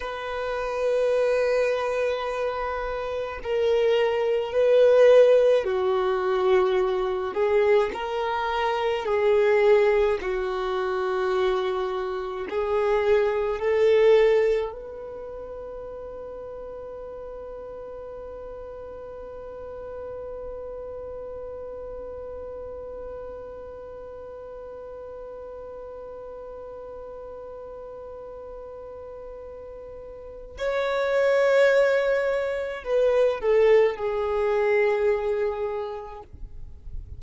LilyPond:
\new Staff \with { instrumentName = "violin" } { \time 4/4 \tempo 4 = 53 b'2. ais'4 | b'4 fis'4. gis'8 ais'4 | gis'4 fis'2 gis'4 | a'4 b'2.~ |
b'1~ | b'1~ | b'2. cis''4~ | cis''4 b'8 a'8 gis'2 | }